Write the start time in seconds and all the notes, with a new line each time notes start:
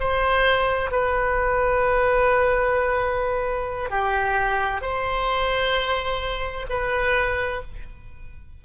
0.00 C5
0.91 B4
3.90 G4
4.82 C5
6.70 B4